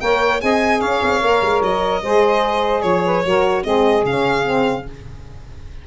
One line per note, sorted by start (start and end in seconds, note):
0.00 0.41 A#3
0.00 0.40 A#4
0.00 0.42 C#5
0.00 0.41 G5
0.40 0.81 C4
0.40 1.21 G#4
0.40 0.79 D#5
0.40 0.80 G#5
0.79 1.01 C#4
0.79 2.01 C#5
0.79 1.61 F5
1.02 1.21 C4
1.21 1.41 A#3
1.21 2.03 A#4
1.41 1.61 G#3
1.62 2.02 F#3
1.62 2.82 D#5
2.02 2.83 G#3
2.02 3.24 G#4
2.02 2.83 C5
2.82 3.24 F3
2.82 3.63 C#5
2.82 3.03 C#5
3.05 3.24 B4
3.24 3.65 F#3
3.24 3.64 F#4
3.24 3.64 A#4
3.63 4.04 G#3
3.63 4.04 C4
3.63 4.85 G#4
3.63 4.04 D#5
4.04 4.85 C#3
4.04 4.45 C#4
4.04 4.87 F5
4.45 4.85 C4